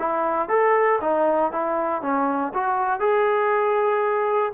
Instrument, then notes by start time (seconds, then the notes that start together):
trombone
0.00 E4
0.49 A4
1.01 D#4
1.52 E4
2.02 C#4
2.54 F#4
3.00 G#4